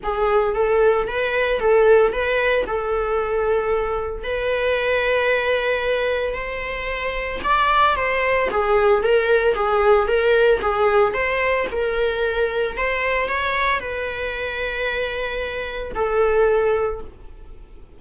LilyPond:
\new Staff \with { instrumentName = "viola" } { \time 4/4 \tempo 4 = 113 gis'4 a'4 b'4 a'4 | b'4 a'2. | b'1 | c''2 d''4 c''4 |
gis'4 ais'4 gis'4 ais'4 | gis'4 c''4 ais'2 | c''4 cis''4 b'2~ | b'2 a'2 | }